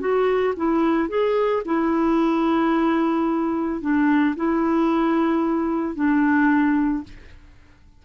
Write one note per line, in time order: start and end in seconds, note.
0.00 0.54 F#4
0.56 1.09 E4
1.09 1.63 G#4
1.65 3.81 E4
3.81 4.35 D4
4.36 5.95 E4
5.95 7.03 D4